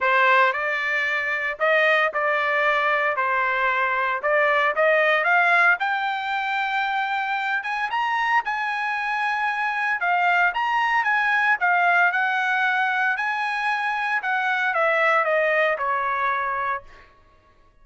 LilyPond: \new Staff \with { instrumentName = "trumpet" } { \time 4/4 \tempo 4 = 114 c''4 d''2 dis''4 | d''2 c''2 | d''4 dis''4 f''4 g''4~ | g''2~ g''8 gis''8 ais''4 |
gis''2. f''4 | ais''4 gis''4 f''4 fis''4~ | fis''4 gis''2 fis''4 | e''4 dis''4 cis''2 | }